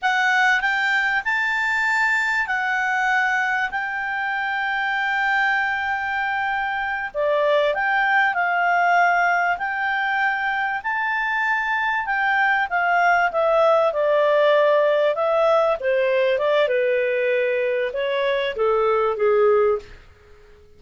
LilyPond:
\new Staff \with { instrumentName = "clarinet" } { \time 4/4 \tempo 4 = 97 fis''4 g''4 a''2 | fis''2 g''2~ | g''2.~ g''8 d''8~ | d''8 g''4 f''2 g''8~ |
g''4. a''2 g''8~ | g''8 f''4 e''4 d''4.~ | d''8 e''4 c''4 d''8 b'4~ | b'4 cis''4 a'4 gis'4 | }